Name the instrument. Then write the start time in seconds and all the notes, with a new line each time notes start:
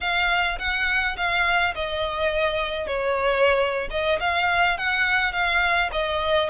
violin
0.00 F5
0.58 F#5
1.16 F5
1.74 D#5
2.87 C#5
3.90 D#5
4.20 F5
4.77 F#5
5.32 F5
5.92 D#5